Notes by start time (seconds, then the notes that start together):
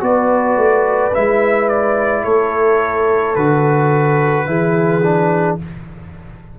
0.00 B3 F#4 B4 D5
0.57 A3
1.14 G#3 E4 E5
1.68 D5
2.24 A3 A4 C#5
3.35 D3 F#4 B4
4.46 E3 E4 G#4
5.03 D4